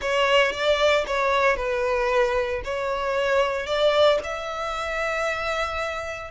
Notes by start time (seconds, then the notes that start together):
0.01 C#5
0.52 D5
1.06 C#5
1.56 B4
2.64 C#5
3.66 D5
4.23 E5